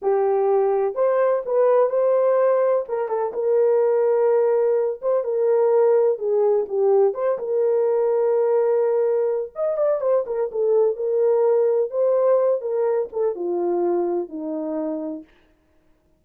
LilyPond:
\new Staff \with { instrumentName = "horn" } { \time 4/4 \tempo 4 = 126 g'2 c''4 b'4 | c''2 ais'8 a'8 ais'4~ | ais'2~ ais'8 c''8 ais'4~ | ais'4 gis'4 g'4 c''8 ais'8~ |
ais'1 | dis''8 d''8 c''8 ais'8 a'4 ais'4~ | ais'4 c''4. ais'4 a'8 | f'2 dis'2 | }